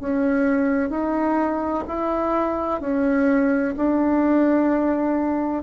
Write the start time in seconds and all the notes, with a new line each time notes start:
0.00 C#4
0.90 D#4
1.88 E4
2.81 C#4
3.77 D4